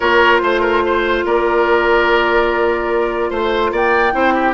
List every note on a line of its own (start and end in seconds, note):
0.00 0.42 A#3
0.00 4.12 F4
0.00 0.41 A#4
0.00 0.37 C#5
0.37 1.24 A3
0.37 1.19 C5
0.37 0.60 C5
0.60 0.81 A#4
0.85 1.25 C5
1.24 3.30 A#3
1.24 3.30 A#4
1.24 3.31 D5
3.30 3.72 A3
3.30 3.71 C5
3.30 3.73 C5
3.72 4.13 A#3
3.72 4.13 D5
3.72 4.54 G5
4.12 4.54 C4
4.12 4.53 E4
4.12 4.34 C5
4.34 4.54 G4